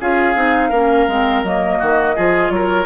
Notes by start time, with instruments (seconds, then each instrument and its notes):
0.00 bassoon C#4, clarinet F4, oboe G#4, flute F5
0.34 bassoon C4, clarinet D#4
0.69 bassoon A#3, clarinet C#4, oboe A#4
1.08 bassoon G#3, clarinet C4
1.43 bassoon F#3, clarinet A#3, flute D#5
1.79 bassoon D#3, oboe F#4
2.16 bassoon F3, clarinet F4, oboe G#4
2.50 bassoon F#3, oboe A#4, flute C#5